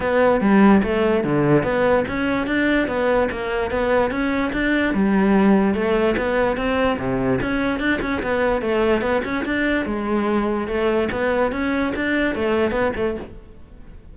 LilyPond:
\new Staff \with { instrumentName = "cello" } { \time 4/4 \tempo 4 = 146 b4 g4 a4 d4 | b4 cis'4 d'4 b4 | ais4 b4 cis'4 d'4 | g2 a4 b4 |
c'4 c4 cis'4 d'8 cis'8 | b4 a4 b8 cis'8 d'4 | gis2 a4 b4 | cis'4 d'4 a4 b8 a8 | }